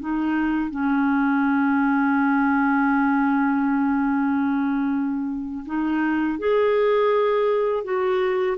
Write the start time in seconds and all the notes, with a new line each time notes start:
0.00 D#4
0.71 C#4
5.66 D#4
6.39 G#4
7.84 F#4